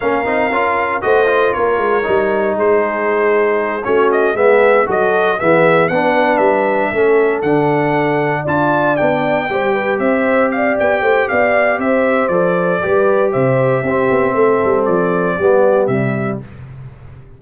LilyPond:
<<
  \new Staff \with { instrumentName = "trumpet" } { \time 4/4 \tempo 4 = 117 f''2 dis''4 cis''4~ | cis''4 c''2~ c''8 cis''8 | dis''8 e''4 dis''4 e''4 fis''8~ | fis''8 e''2 fis''4.~ |
fis''8 a''4 g''2 e''8~ | e''8 f''8 g''4 f''4 e''4 | d''2 e''2~ | e''4 d''2 e''4 | }
  \new Staff \with { instrumentName = "horn" } { \time 4/4 ais'2 c''4 ais'4~ | ais'4 gis'2~ gis'8 fis'8~ | fis'8 gis'4 a'4 gis'4 b'8~ | b'4. a'2~ a'8~ |
a'8 d''2 c''8 b'8 c''8~ | c''8 d''4 c''8 d''4 c''4~ | c''4 b'4 c''4 g'4 | a'2 g'2 | }
  \new Staff \with { instrumentName = "trombone" } { \time 4/4 cis'8 dis'8 f'4 fis'8 f'4. | dis'2.~ dis'8 cis'8~ | cis'8 b4 fis'4 b4 d'8~ | d'4. cis'4 d'4.~ |
d'8 f'4 d'4 g'4.~ | g'1 | a'4 g'2 c'4~ | c'2 b4 g4 | }
  \new Staff \with { instrumentName = "tuba" } { \time 4/4 ais8 c'8 cis'4 a4 ais8 gis8 | g4 gis2~ gis8 a8~ | a8 gis4 fis4 e4 b8~ | b8 g4 a4 d4.~ |
d8 d'4 b4 g4 c'8~ | c'4 b8 a8 b4 c'4 | f4 g4 c4 c'8 b8 | a8 g8 f4 g4 c4 | }
>>